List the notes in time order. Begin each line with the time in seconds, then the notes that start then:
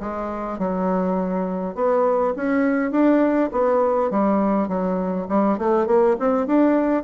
0.00 G#3
0.59 F#3
1.75 B3
2.36 C#4
2.91 D4
3.52 B3
4.11 G3
4.68 F#3
5.29 G3
5.58 A3
5.87 A#3
6.20 C4
6.47 D4